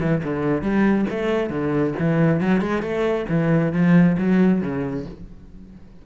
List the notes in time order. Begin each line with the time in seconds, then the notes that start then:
0.00 E3
0.23 D3
0.61 G3
1.09 A3
1.50 D3
1.98 E3
2.40 F#3
2.61 G#3
2.82 A3
3.29 E3
3.72 F3
4.17 F#3
4.61 C#3